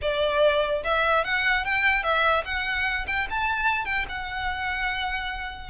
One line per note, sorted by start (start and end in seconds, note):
0.01 0.83 D5
0.83 1.24 E5
1.24 1.64 F#5
1.64 2.03 G5
2.03 2.44 E5
2.44 3.06 F#5
3.07 3.27 G5
3.29 3.85 A5
3.85 4.05 G5
4.08 5.69 F#5